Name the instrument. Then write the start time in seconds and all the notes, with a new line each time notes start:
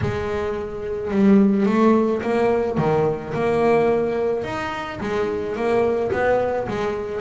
double bass
0.01 G#3
1.10 G3
1.66 A3
2.21 A#3
2.77 D#3
3.33 A#3
4.44 D#4
5.00 G#3
5.56 A#3
6.12 B3
6.68 G#3